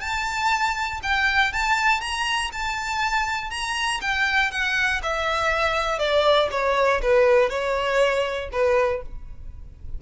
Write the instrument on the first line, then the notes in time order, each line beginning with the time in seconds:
violin
0.00 A5
1.02 G5
1.52 A5
2.00 A#5
2.52 A5
3.50 A#5
4.01 G5
4.51 F#5
5.02 E5
5.98 D5
6.51 C#5
7.01 B4
7.49 C#5
8.52 B4